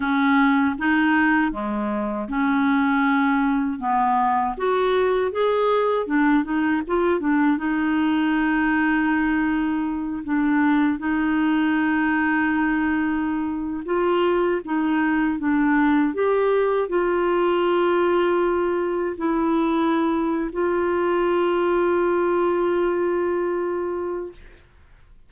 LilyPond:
\new Staff \with { instrumentName = "clarinet" } { \time 4/4 \tempo 4 = 79 cis'4 dis'4 gis4 cis'4~ | cis'4 b4 fis'4 gis'4 | d'8 dis'8 f'8 d'8 dis'2~ | dis'4. d'4 dis'4.~ |
dis'2~ dis'16 f'4 dis'8.~ | dis'16 d'4 g'4 f'4.~ f'16~ | f'4~ f'16 e'4.~ e'16 f'4~ | f'1 | }